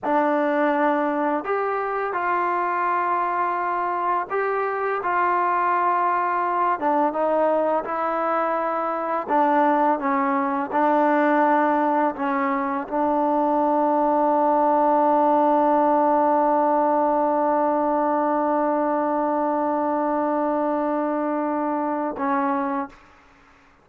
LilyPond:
\new Staff \with { instrumentName = "trombone" } { \time 4/4 \tempo 4 = 84 d'2 g'4 f'4~ | f'2 g'4 f'4~ | f'4. d'8 dis'4 e'4~ | e'4 d'4 cis'4 d'4~ |
d'4 cis'4 d'2~ | d'1~ | d'1~ | d'2. cis'4 | }